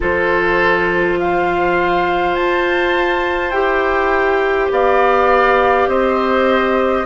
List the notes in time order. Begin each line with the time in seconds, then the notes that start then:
0.00 F3 F4 A4 C5
1.19 C5 F5
2.35 F4 A5
3.50 E4 G4 G5
4.70 B3 D5 F5
5.87 C4 C5 D#5